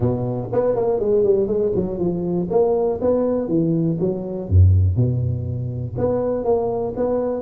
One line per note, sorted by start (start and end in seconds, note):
0.00 0.49 B2
0.52 0.75 B3
0.75 0.99 A#3
0.99 1.23 G#3
1.23 1.47 G3
1.47 1.72 G#3
1.75 1.98 F#3
1.98 2.48 F3
2.50 3.00 A#3
3.01 3.48 B3
3.48 3.97 E3
3.99 4.48 F#3
4.48 4.95 F#2
4.95 5.95 B2
5.97 6.44 B3
6.44 6.94 A#3
6.96 7.42 B3